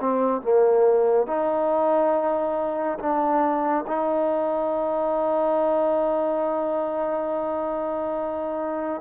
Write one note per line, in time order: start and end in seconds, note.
0.00 0.42 C4
0.42 1.27 A#3
1.27 2.98 D#4
2.99 3.85 D4
3.88 9.02 D#4